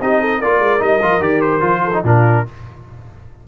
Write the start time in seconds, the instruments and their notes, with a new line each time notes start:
0.00 tuba C4, trombone D#4, horn G4, trumpet D#5
0.20 horn A4
0.38 tuba A#3, trombone F4, horn A#4, trumpet D5
0.60 tuba G#3
0.79 tuba G3, trombone D#4, trumpet D#5
1.01 tuba F3, trombone F4
1.19 tuba D#3, trombone G4, trumpet D5
1.41 trumpet C5
1.60 tuba F3, trombone F4
1.84 horn A4
1.94 trombone D#4
2.04 tuba A#2, trombone D4, horn F4, trumpet A#4